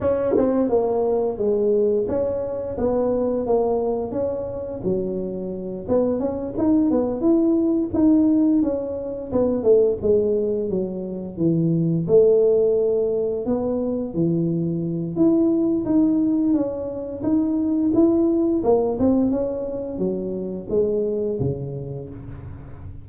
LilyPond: \new Staff \with { instrumentName = "tuba" } { \time 4/4 \tempo 4 = 87 cis'8 c'8 ais4 gis4 cis'4 | b4 ais4 cis'4 fis4~ | fis8 b8 cis'8 dis'8 b8 e'4 dis'8~ | dis'8 cis'4 b8 a8 gis4 fis8~ |
fis8 e4 a2 b8~ | b8 e4. e'4 dis'4 | cis'4 dis'4 e'4 ais8 c'8 | cis'4 fis4 gis4 cis4 | }